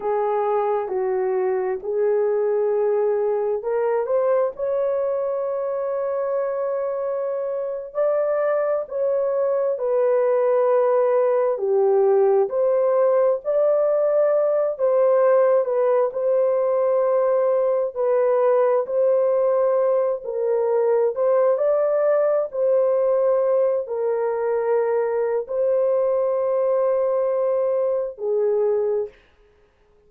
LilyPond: \new Staff \with { instrumentName = "horn" } { \time 4/4 \tempo 4 = 66 gis'4 fis'4 gis'2 | ais'8 c''8 cis''2.~ | cis''8. d''4 cis''4 b'4~ b'16~ | b'8. g'4 c''4 d''4~ d''16~ |
d''16 c''4 b'8 c''2 b'16~ | b'8. c''4. ais'4 c''8 d''16~ | d''8. c''4. ais'4.~ ais'16 | c''2. gis'4 | }